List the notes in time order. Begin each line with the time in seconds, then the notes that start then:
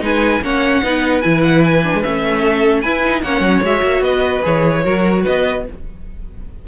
0.00 G#3 D#4 B4 G#5
0.42 A#3 C#4 C#5 F#5
0.83 B3 D#4 B4
1.21 E3 E4 G#5
1.43 F#5
1.65 G#5
1.83 D4
1.94 G#3
2.03 A3 C#4 E5
2.40 A4
2.82 E4 B4 G#5
3.05 D#4
3.23 A#3 C#4 C#5 F#5
3.41 F#3
3.63 G#3 F#4 E5
3.83 A#3
4.01 B3 B4 D#5
4.42 E3 G#4 C#5
4.84 F#3 F#4 A#4
5.23 B3 B4 D#5